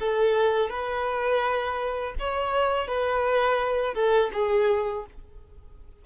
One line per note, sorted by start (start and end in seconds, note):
0.00 0.70 A4
0.70 2.15 B4
2.19 2.88 C#5
2.88 3.95 B4
3.95 4.31 A4
4.34 5.06 G#4